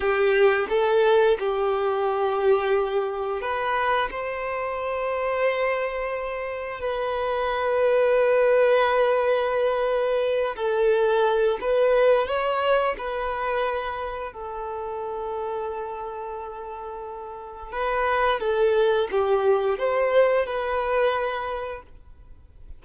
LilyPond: \new Staff \with { instrumentName = "violin" } { \time 4/4 \tempo 4 = 88 g'4 a'4 g'2~ | g'4 b'4 c''2~ | c''2 b'2~ | b'2.~ b'8 a'8~ |
a'4 b'4 cis''4 b'4~ | b'4 a'2.~ | a'2 b'4 a'4 | g'4 c''4 b'2 | }